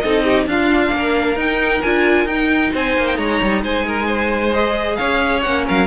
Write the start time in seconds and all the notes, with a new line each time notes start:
0.00 C4 D#4 A4 D#5
0.24 G4
0.46 D4 F4 F5
0.92 A#3 A#4
1.36 D#4 G5
1.82 D4 F4 G#5
2.25 D#4 G5
2.73 C4 C5 G#5
2.98 A#3
3.07 G5
3.17 G#3 C#5 A#5
3.43 G3
3.63 G#3 C5 G#5
3.87 A#4
4.07 C5
4.54 G#4 D#5
4.96 C#4 C#5 F5
5.42 A#3 C#4 F#5
5.66 F#3 A#4 F5